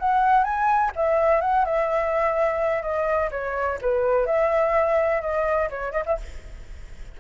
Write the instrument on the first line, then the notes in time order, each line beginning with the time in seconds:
flute
0.00 F#5
0.44 G#5
0.96 E5
1.42 F#5
1.66 E5
2.83 D#5
3.32 C#5
3.82 B4
4.27 E5
5.22 D#5
5.71 C#5
5.92 D#5
6.06 E5